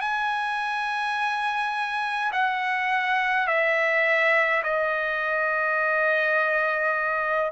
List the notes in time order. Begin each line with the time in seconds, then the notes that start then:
0.00 G#5
2.32 F#5
3.47 E5
4.63 D#5